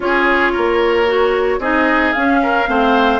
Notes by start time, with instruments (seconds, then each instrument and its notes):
0.00 bassoon C#4, clarinet F4, oboe G#4, flute C#5
0.52 bassoon A#3, oboe A#4
1.07 clarinet F#4
1.58 bassoon C4, clarinet D#4, oboe G#4, flute D#5
2.12 bassoon C#4, clarinet C#4, flute F5
2.42 oboe A#4
2.67 bassoon A3, clarinet C4, oboe C5